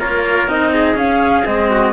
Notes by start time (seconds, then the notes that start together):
0.00 A#3 F4 A#4 C#5
0.48 C4 D#4 D#5
0.74 G#4
0.95 C#4 F5
1.45 G#3 C4 D#5
1.70 F#4